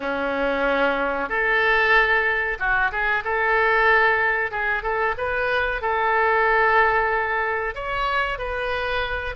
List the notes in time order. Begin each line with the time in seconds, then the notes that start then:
0.00 C#4
1.29 A4
2.59 F#4
2.91 G#4
3.24 A4
4.51 G#4
4.82 A4
5.17 B4
5.81 A4
7.74 C#5
8.38 B4